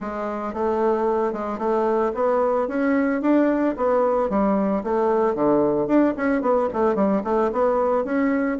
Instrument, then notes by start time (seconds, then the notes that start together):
bassoon
0.00 G#3
0.53 A3
1.32 G#3
1.58 A3
2.14 B3
2.68 C#4
3.21 D4
3.76 B3
4.29 G3
4.83 A3
5.34 D3
5.87 D4
6.16 C#4
6.41 B3
6.73 A3
6.95 G3
7.24 A3
7.52 B3
8.04 C#4